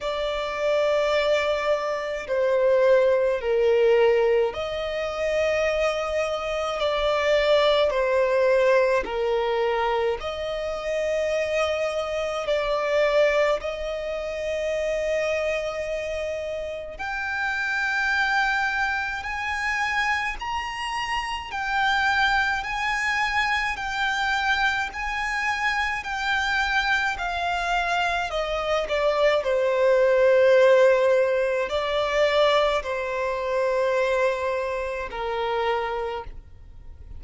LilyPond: \new Staff \with { instrumentName = "violin" } { \time 4/4 \tempo 4 = 53 d''2 c''4 ais'4 | dis''2 d''4 c''4 | ais'4 dis''2 d''4 | dis''2. g''4~ |
g''4 gis''4 ais''4 g''4 | gis''4 g''4 gis''4 g''4 | f''4 dis''8 d''8 c''2 | d''4 c''2 ais'4 | }